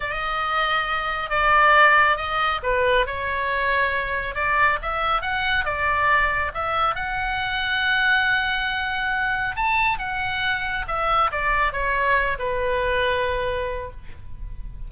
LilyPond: \new Staff \with { instrumentName = "oboe" } { \time 4/4 \tempo 4 = 138 dis''2. d''4~ | d''4 dis''4 b'4 cis''4~ | cis''2 d''4 e''4 | fis''4 d''2 e''4 |
fis''1~ | fis''2 a''4 fis''4~ | fis''4 e''4 d''4 cis''4~ | cis''8 b'2.~ b'8 | }